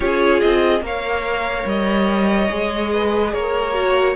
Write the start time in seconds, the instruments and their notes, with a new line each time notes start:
0.00 cello C#4, viola F4, violin G#4 C#5
0.40 cello C4, violin D#5
0.80 cello A#3, viola A#4, violin C#5 F5
1.65 cello G3, violin D#5
2.49 cello G#3, viola G#4
2.92 violin B4
3.33 cello A#3, violin A#4 C#5
3.73 viola F#4